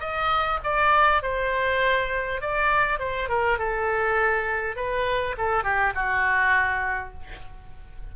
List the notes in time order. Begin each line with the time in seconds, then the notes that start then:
0.00 D#5
0.64 D5
1.23 C5
2.42 D5
2.99 C5
3.29 A#4
3.59 A4
4.76 B4
5.38 A4
5.64 G4
5.95 F#4